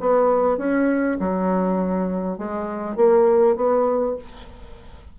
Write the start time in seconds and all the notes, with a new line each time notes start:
0.00 B3
0.57 C#4
1.20 F#3
2.38 G#3
2.96 A#3
3.56 B3